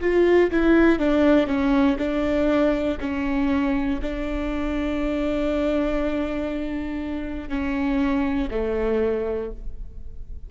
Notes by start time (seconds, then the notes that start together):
0.00 F4
0.50 E4
0.99 D4
1.47 C#4
1.98 D4
3.00 C#4
4.01 D4
7.49 C#4
8.50 A3